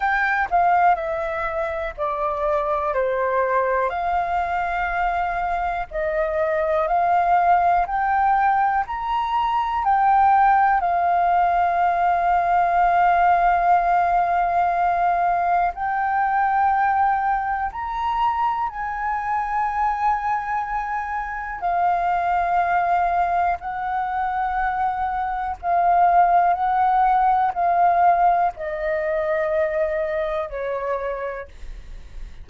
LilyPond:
\new Staff \with { instrumentName = "flute" } { \time 4/4 \tempo 4 = 61 g''8 f''8 e''4 d''4 c''4 | f''2 dis''4 f''4 | g''4 ais''4 g''4 f''4~ | f''1 |
g''2 ais''4 gis''4~ | gis''2 f''2 | fis''2 f''4 fis''4 | f''4 dis''2 cis''4 | }